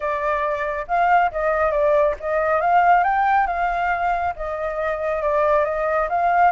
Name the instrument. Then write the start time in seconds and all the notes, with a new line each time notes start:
flute
0.00 D5
0.87 F5
1.31 D#5
1.71 D5
2.20 D#5
2.60 F5
3.03 G5
3.46 F5
4.36 D#5
5.22 D5
5.64 D#5
6.09 F5